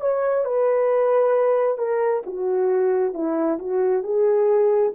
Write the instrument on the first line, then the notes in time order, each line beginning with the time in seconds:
horn
0.00 C#5
0.44 B4
1.78 A#4
2.26 F#4
3.13 E4
3.59 F#4
4.03 G#4